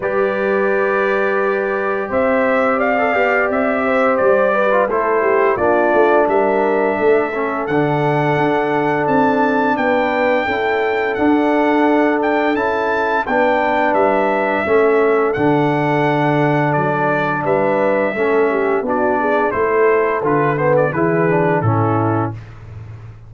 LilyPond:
<<
  \new Staff \with { instrumentName = "trumpet" } { \time 4/4 \tempo 4 = 86 d''2. e''4 | f''4 e''4 d''4 c''4 | d''4 e''2 fis''4~ | fis''4 a''4 g''2 |
fis''4. g''8 a''4 g''4 | e''2 fis''2 | d''4 e''2 d''4 | c''4 b'8 c''16 d''16 b'4 a'4 | }
  \new Staff \with { instrumentName = "horn" } { \time 4/4 b'2. c''4 | d''4. c''4 b'8 a'8 g'8 | f'4 ais'4 a'2~ | a'2 b'4 a'4~ |
a'2. b'4~ | b'4 a'2.~ | a'4 b'4 a'8 g'8 fis'8 gis'8 | a'2 gis'4 e'4 | }
  \new Staff \with { instrumentName = "trombone" } { \time 4/4 g'1~ | g'16 a'16 g'2~ g'16 f'16 e'4 | d'2~ d'8 cis'8 d'4~ | d'2. e'4 |
d'2 e'4 d'4~ | d'4 cis'4 d'2~ | d'2 cis'4 d'4 | e'4 f'8 b8 e'8 d'8 cis'4 | }
  \new Staff \with { instrumentName = "tuba" } { \time 4/4 g2. c'4~ | c'8 b8 c'4 g4 a4 | ais8 a8 g4 a4 d4 | d'4 c'4 b4 cis'4 |
d'2 cis'4 b4 | g4 a4 d2 | fis4 g4 a4 b4 | a4 d4 e4 a,4 | }
>>